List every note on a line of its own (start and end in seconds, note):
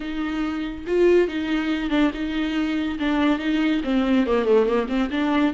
0.00 0.85 D#4
0.86 1.28 F4
1.28 1.90 D#4
1.90 2.11 D4
2.13 2.98 D#4
2.99 3.38 D4
3.38 3.81 D#4
3.84 4.26 C4
4.26 4.45 A#3
4.45 4.66 A3
4.66 4.87 A#3
4.88 5.10 C4
5.10 5.53 D4